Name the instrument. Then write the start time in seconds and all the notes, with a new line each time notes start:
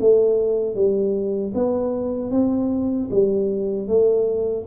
tuba
0.00 A3
0.75 G3
1.55 B3
2.31 C4
3.11 G3
3.88 A3